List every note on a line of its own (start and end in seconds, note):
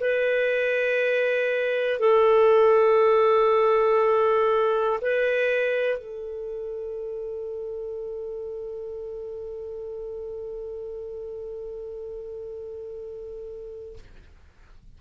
0.00 2.00 B4
2.00 5.00 A4
5.01 5.98 B4
5.98 13.98 A4